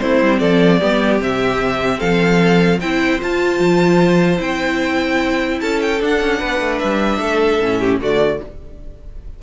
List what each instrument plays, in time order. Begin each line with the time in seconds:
0.00 cello A3, viola C4, violin E4 C5
0.22 cello G3
0.39 cello F3, violin A4 D5
0.80 cello G3, viola B3, violin G4
1.19 cello C3, viola C4, violin E5
1.99 cello F3, violin A4 F5
2.80 cello C4, viola E4, violin C5 G5
3.20 viola F4, cello F4, violin A5
3.59 cello F3
4.37 cello C4, viola E4, violin G5
5.60 cello C#4, violin A4 A5
5.81 violin G5
6.01 viola D4, cello D4, violin F#5
6.21 cello C#4
6.39 cello B3, violin B4
6.60 cello A3
6.79 cello G3, violin E5
7.18 cello A3, violin A4
7.60 cello A2, viola C#4
7.80 violin G4
8.00 cello D3, viola A3, violin F#4 D5